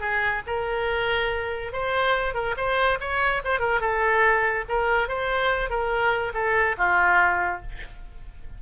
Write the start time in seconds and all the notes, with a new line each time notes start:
0.00 G#4
0.47 A#4
1.72 C5
2.34 A#4
2.57 C5
3.00 C#5
3.44 C5
3.59 A#4
3.80 A4
4.68 A#4
5.08 C5
5.69 A#4
6.34 A4
6.77 F4